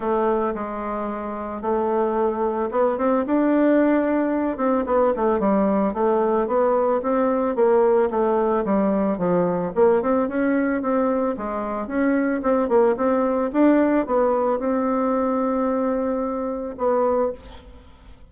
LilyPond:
\new Staff \with { instrumentName = "bassoon" } { \time 4/4 \tempo 4 = 111 a4 gis2 a4~ | a4 b8 c'8 d'2~ | d'8 c'8 b8 a8 g4 a4 | b4 c'4 ais4 a4 |
g4 f4 ais8 c'8 cis'4 | c'4 gis4 cis'4 c'8 ais8 | c'4 d'4 b4 c'4~ | c'2. b4 | }